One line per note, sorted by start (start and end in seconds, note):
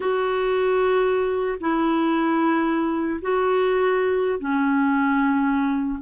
0.00 1.58 F#4
1.60 3.20 E4
3.21 4.39 F#4
4.39 5.99 C#4